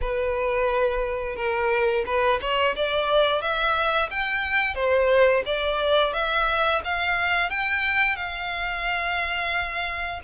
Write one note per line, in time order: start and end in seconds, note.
0.01 1.36 B4
1.36 2.04 A#4
2.06 2.40 B4
2.40 2.75 C#5
2.76 3.41 D5
3.41 4.09 E5
4.10 4.74 G5
4.74 5.43 C5
5.45 6.13 D5
6.13 6.81 E5
6.84 7.49 F5
7.49 8.16 G5
8.16 10.20 F5